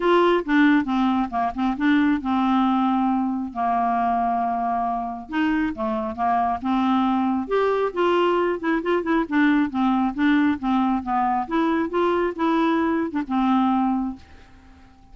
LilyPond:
\new Staff \with { instrumentName = "clarinet" } { \time 4/4 \tempo 4 = 136 f'4 d'4 c'4 ais8 c'8 | d'4 c'2. | ais1 | dis'4 a4 ais4 c'4~ |
c'4 g'4 f'4. e'8 | f'8 e'8 d'4 c'4 d'4 | c'4 b4 e'4 f'4 | e'4.~ e'16 d'16 c'2 | }